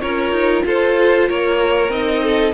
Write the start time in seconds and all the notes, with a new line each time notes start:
0.00 C#4 F4 A#4 C#5
0.32 D#4
0.66 F4 A4 C5
1.29 A#3 A#4 C#5
1.89 C4 D#4 D#5
2.23 A4